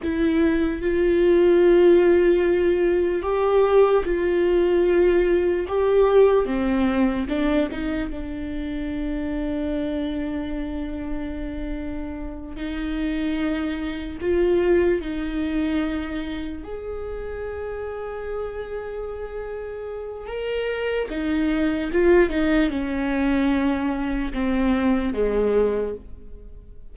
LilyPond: \new Staff \with { instrumentName = "viola" } { \time 4/4 \tempo 4 = 74 e'4 f'2. | g'4 f'2 g'4 | c'4 d'8 dis'8 d'2~ | d'2.~ d'8 dis'8~ |
dis'4. f'4 dis'4.~ | dis'8 gis'2.~ gis'8~ | gis'4 ais'4 dis'4 f'8 dis'8 | cis'2 c'4 gis4 | }